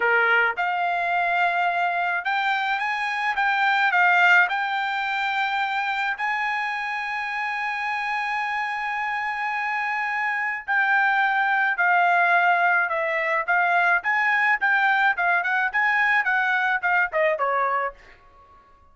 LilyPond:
\new Staff \with { instrumentName = "trumpet" } { \time 4/4 \tempo 4 = 107 ais'4 f''2. | g''4 gis''4 g''4 f''4 | g''2. gis''4~ | gis''1~ |
gis''2. g''4~ | g''4 f''2 e''4 | f''4 gis''4 g''4 f''8 fis''8 | gis''4 fis''4 f''8 dis''8 cis''4 | }